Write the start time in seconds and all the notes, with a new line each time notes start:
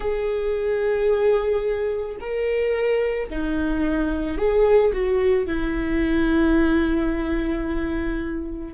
0.00 G#4
2.20 A#4
3.29 D#4
4.37 G#4
4.92 F#4
5.46 E4